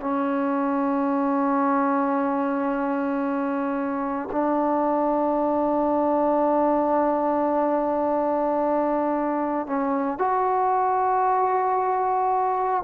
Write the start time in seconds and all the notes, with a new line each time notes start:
0.00 C#4
4.31 D4
9.66 C#4
10.18 F#4